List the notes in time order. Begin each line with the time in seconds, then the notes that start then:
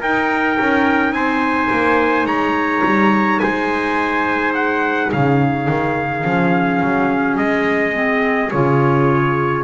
0.00 D#4 A#4 G5
0.60 C#4
1.12 C4 C5 G#5
1.71 A#3
2.25 G#3 C#5 A#5
2.84 G3
3.39 G#3 C5 G#5
4.54 F#5
5.10 C#3 G#4 F5
5.68 D#3
6.24 F3 C#4
6.81 F#3
7.37 G#3 D#5
7.93 C4
8.50 C#3 F4 C#5